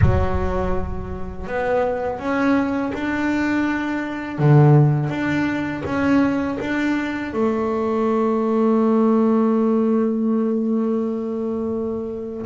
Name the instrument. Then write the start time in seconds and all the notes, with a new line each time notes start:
double bass
0.01 F#3
1.46 B3
2.19 C#4
2.94 D4
4.38 D3
5.09 D4
5.85 C#4
6.60 D4
7.33 A3